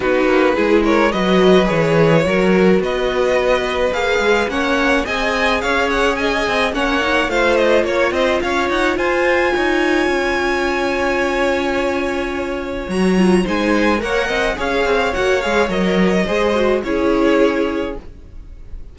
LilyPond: <<
  \new Staff \with { instrumentName = "violin" } { \time 4/4 \tempo 4 = 107 b'4. cis''8 dis''4 cis''4~ | cis''4 dis''2 f''4 | fis''4 gis''4 f''8 fis''8 gis''4 | fis''4 f''8 dis''8 cis''8 dis''8 f''8 fis''8 |
gis''1~ | gis''2. ais''4 | gis''4 fis''4 f''4 fis''8 f''8 | dis''2 cis''2 | }
  \new Staff \with { instrumentName = "violin" } { \time 4/4 fis'4 gis'8 ais'8 b'2 | ais'4 b'2. | cis''4 dis''4 cis''4 dis''4 | cis''4 c''4 cis''8 c''8 cis''4 |
c''4 cis''2.~ | cis''1 | c''4 cis''8 dis''8 cis''2~ | cis''4 c''4 gis'2 | }
  \new Staff \with { instrumentName = "viola" } { \time 4/4 dis'4 e'4 fis'4 gis'4 | fis'2. gis'4 | cis'4 gis'2. | cis'8 dis'8 f'2.~ |
f'1~ | f'2. fis'8 f'8 | dis'4 ais'4 gis'4 fis'8 gis'8 | ais'4 gis'8 fis'8 e'2 | }
  \new Staff \with { instrumentName = "cello" } { \time 4/4 b8 ais8 gis4 fis4 e4 | fis4 b2 ais8 gis8 | ais4 c'4 cis'4. c'8 | ais4 a4 ais8 c'8 cis'8 dis'8 |
f'4 dis'4 cis'2~ | cis'2. fis4 | gis4 ais8 c'8 cis'8 c'8 ais8 gis8 | fis4 gis4 cis'2 | }
>>